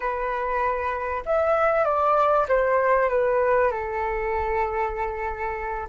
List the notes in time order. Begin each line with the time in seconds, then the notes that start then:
0.00 B4
1.25 E5
1.84 D5
2.48 C5
3.09 B4
3.71 A4